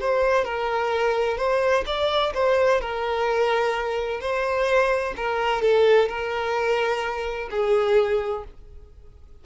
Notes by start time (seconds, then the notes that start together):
0.00 C5
0.45 A#4
1.37 C5
1.86 D5
2.34 C5
2.81 A#4
4.20 C5
5.16 A#4
5.62 A4
6.08 A#4
7.50 G#4